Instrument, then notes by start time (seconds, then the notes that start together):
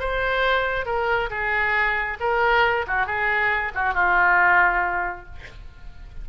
oboe
0.00 C5
0.86 A#4
1.30 G#4
2.20 A#4
2.87 F#4
3.07 G#4
3.75 F#4
3.94 F4